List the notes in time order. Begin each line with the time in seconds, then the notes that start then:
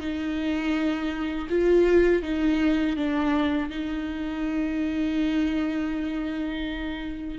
0.00 D#4
1.49 F4
2.23 D#4
2.96 D4
3.70 D#4